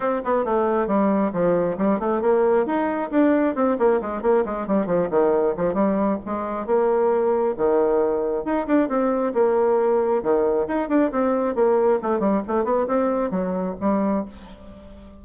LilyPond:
\new Staff \with { instrumentName = "bassoon" } { \time 4/4 \tempo 4 = 135 c'8 b8 a4 g4 f4 | g8 a8 ais4 dis'4 d'4 | c'8 ais8 gis8 ais8 gis8 g8 f8 dis8~ | dis8 f8 g4 gis4 ais4~ |
ais4 dis2 dis'8 d'8 | c'4 ais2 dis4 | dis'8 d'8 c'4 ais4 a8 g8 | a8 b8 c'4 fis4 g4 | }